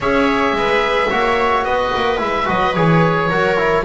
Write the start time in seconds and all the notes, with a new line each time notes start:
0.00 C#4 G#4 C#5 E5
0.52 G#3 B4
1.10 A#3 F#4 C#5
1.64 B3 B4 D#5
1.95 A#3
2.17 G#3 E4 E5
2.45 F#3 F#4 D#5
2.75 E3 G#4 C#5
3.29 F#3 F#4 A#4
3.57 E4